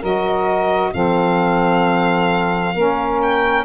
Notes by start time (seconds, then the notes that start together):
0.00 F#3 F#4 A#4 D#5
0.93 F3 C4 A4 F5
2.74 A#3 C#4 A#4
3.22 G5